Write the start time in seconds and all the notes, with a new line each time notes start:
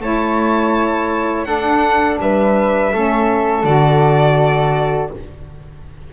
0.00 A3 E4 C#5 A5
1.44 D4 A4 F#5
2.20 G3 B4 E5
2.93 A3 C#4 A4
3.64 D3 F#4 D5